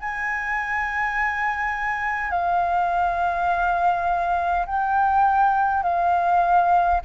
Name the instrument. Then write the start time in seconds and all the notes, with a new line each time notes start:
flute
0.00 G#5
2.30 F5
4.66 G5
5.82 F5